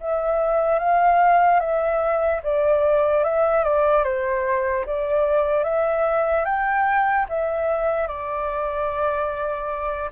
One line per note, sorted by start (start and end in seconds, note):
0.00 0.79 E5
0.79 1.59 F5
1.59 2.40 E5
2.43 3.24 D5
3.24 3.63 E5
3.63 4.04 D5
4.04 4.85 C5
4.85 5.64 D5
5.64 6.45 E5
6.45 7.26 G5
7.28 8.07 E5
8.07 10.09 D5